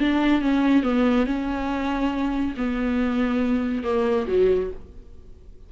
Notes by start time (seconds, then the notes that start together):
0.00 D4
0.42 C#4
0.84 B3
1.26 C#4
2.58 B3
3.84 A#3
4.28 F#3